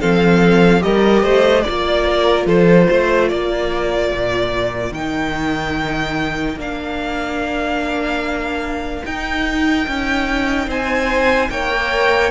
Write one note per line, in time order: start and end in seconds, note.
0.00 0.84 F3
0.00 0.80 C4
0.00 0.82 A4
0.00 0.82 F5
0.80 1.23 G3
0.80 1.62 G4
0.80 1.23 A#4
0.80 1.62 D#5
1.23 1.64 A3
1.23 1.64 C5
1.62 4.96 F4
1.62 2.44 D5
1.62 2.06 D5
1.69 2.46 A#3
2.06 2.47 A#4
2.46 2.87 F3
2.46 2.87 A4
2.46 3.29 C5
2.87 3.31 A3
2.87 3.28 C5
3.28 4.12 A#3
3.28 10.67 A#4
3.28 4.93 D5
4.12 4.91 A#2
4.91 6.56 D#3
4.91 6.58 D#4
4.91 6.58 G5
6.56 9.02 A#3
6.56 9.05 D4
6.56 9.05 F5
9.05 9.87 D#4
9.05 11.71 D#4
9.05 10.70 G5
9.87 10.67 C#4
10.67 11.49 C4
10.67 11.49 C5
10.67 11.50 G#5
11.49 12.31 A#3
11.49 12.31 C#5
11.49 12.31 G5
11.71 12.31 A#4